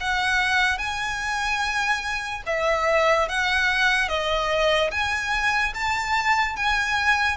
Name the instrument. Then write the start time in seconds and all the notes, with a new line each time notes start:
violin
0.00 F#5
0.78 G#5
2.46 E5
3.28 F#5
4.08 D#5
4.91 G#5
5.74 A5
6.56 G#5